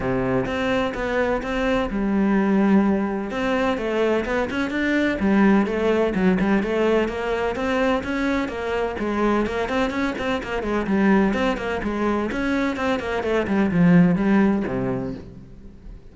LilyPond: \new Staff \with { instrumentName = "cello" } { \time 4/4 \tempo 4 = 127 c4 c'4 b4 c'4 | g2. c'4 | a4 b8 cis'8 d'4 g4 | a4 fis8 g8 a4 ais4 |
c'4 cis'4 ais4 gis4 | ais8 c'8 cis'8 c'8 ais8 gis8 g4 | c'8 ais8 gis4 cis'4 c'8 ais8 | a8 g8 f4 g4 c4 | }